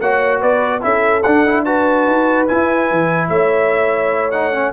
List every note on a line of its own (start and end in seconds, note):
0.00 0.42 A#3
0.00 0.81 F#4
0.00 0.40 C#5
0.00 0.41 F#5
0.40 0.83 B3
0.40 0.81 B4
0.40 0.83 D5
0.81 1.25 C#4
0.81 1.22 E4
0.81 1.65 A4
0.81 1.23 E5
1.23 2.07 D4
1.23 1.46 D4
1.23 1.64 F#5
1.46 1.66 E4
1.64 2.48 F#4
1.64 3.30 B4
1.64 2.47 A5
2.07 2.48 D#4
2.47 4.33 E4
2.47 2.91 E4
2.47 3.29 G#5
2.91 3.29 E3
3.29 4.72 A3
3.29 4.72 C#5
3.29 4.31 E5
4.31 4.53 D#4
4.31 4.72 F#5
4.53 4.72 C#4